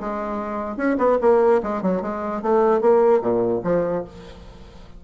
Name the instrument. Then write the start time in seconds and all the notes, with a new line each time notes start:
bassoon
0.00 G#3
0.77 C#4
0.98 B3
1.21 A#3
1.63 G#3
1.82 F#3
2.02 G#3
2.42 A3
2.81 A#3
3.21 A#2
3.64 F3